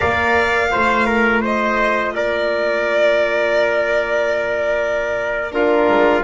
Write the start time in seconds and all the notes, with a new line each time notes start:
0.00 A#3 A#4 D5 F5
0.70 A3 F4 C5
1.06 A#4
1.41 C5 D#5
2.15 A#3 A#4 D5
5.51 D4 F4 A#4
5.89 G#3